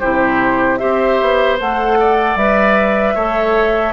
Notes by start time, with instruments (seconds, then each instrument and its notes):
0.00 bassoon C3, clarinet E4, oboe G4, flute C5
0.78 bassoon C4, clarinet G4, oboe C5, flute E5
1.21 bassoon B3
1.60 bassoon A3, clarinet A4, flute F#5
2.00 oboe D5
2.36 bassoon G3, clarinet B4, flute E5
3.14 bassoon A3, clarinet A4, oboe C#5